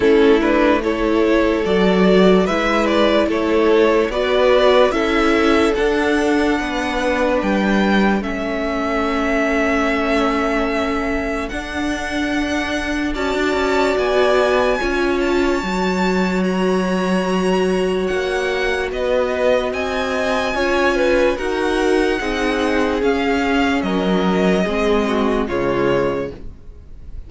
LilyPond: <<
  \new Staff \with { instrumentName = "violin" } { \time 4/4 \tempo 4 = 73 a'8 b'8 cis''4 d''4 e''8 d''8 | cis''4 d''4 e''4 fis''4~ | fis''4 g''4 e''2~ | e''2 fis''2 |
a''4 gis''4. a''4. | ais''2 fis''4 dis''4 | gis''2 fis''2 | f''4 dis''2 cis''4 | }
  \new Staff \with { instrumentName = "violin" } { \time 4/4 e'4 a'2 b'4 | a'4 b'4 a'2 | b'2 a'2~ | a'1 |
d''2 cis''2~ | cis''2. b'4 | dis''4 cis''8 b'8 ais'4 gis'4~ | gis'4 ais'4 gis'8 fis'8 f'4 | }
  \new Staff \with { instrumentName = "viola" } { \time 4/4 cis'8 d'8 e'4 fis'4 e'4~ | e'4 fis'4 e'4 d'4~ | d'2 cis'2~ | cis'2 d'2 |
fis'2 f'4 fis'4~ | fis'1~ | fis'4 f'4 fis'4 dis'4 | cis'2 c'4 gis4 | }
  \new Staff \with { instrumentName = "cello" } { \time 4/4 a2 fis4 gis4 | a4 b4 cis'4 d'4 | b4 g4 a2~ | a2 d'2 |
cis'16 d'16 cis'8 b4 cis'4 fis4~ | fis2 ais4 b4 | c'4 cis'4 dis'4 c'4 | cis'4 fis4 gis4 cis4 | }
>>